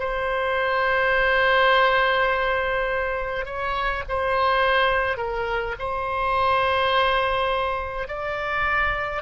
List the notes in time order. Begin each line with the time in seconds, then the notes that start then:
0.00 C5
3.46 C#5
4.09 C5
5.18 A#4
5.80 C5
8.08 D5